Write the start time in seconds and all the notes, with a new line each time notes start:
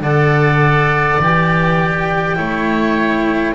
0.00 D3 A4 D5 F#5
1.20 E3 G4 G5
2.36 A3 E4 C#5